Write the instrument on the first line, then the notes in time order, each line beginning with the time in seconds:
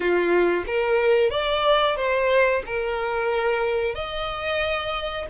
violin
0.00 F4
0.66 A#4
1.30 D5
1.96 C5
2.66 A#4
3.94 D#5